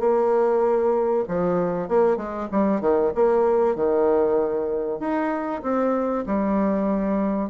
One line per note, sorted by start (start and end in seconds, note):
0.00 1.25 A#3
1.29 1.89 F3
1.89 2.17 A#3
2.17 2.48 G#3
2.52 2.82 G3
2.82 3.13 D#3
3.16 3.76 A#3
3.76 5.00 D#3
5.00 5.62 D#4
5.63 6.25 C4
6.27 7.50 G3